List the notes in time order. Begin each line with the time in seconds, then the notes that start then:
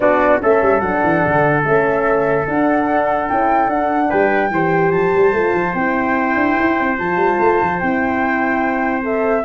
0.00 B3 D4 F#4 D5
0.40 A3 C#4 A4 E5
0.62 G3
0.80 F#3 D4 F#5
1.03 E3
1.26 D3
1.63 A3 C#4 E5
2.47 D4 F#5
3.29 C#4 E4 G5
3.67 D4 F#5
4.09 G3 B4 G5
4.50 E3 G4 C5
4.91 F3 A5
5.15 G3
5.32 A3 F4
5.54 F3
5.74 C4 E4 G5
6.35 D4
6.60 E4
6.79 C4
6.98 F3 F4 A5
7.16 G3
7.40 A3
7.61 F3
7.79 C4 E4 G5
9.02 A4 E5